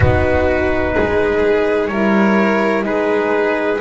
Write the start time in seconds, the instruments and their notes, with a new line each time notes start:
0.00 double bass B3, horn D#4, violin F#4, trumpet B4
0.94 double bass G#3, violin G#4
1.87 double bass G3, horn E4, violin A#4, trumpet C#5
2.82 double bass G#3, horn D#4, violin G#4, trumpet B4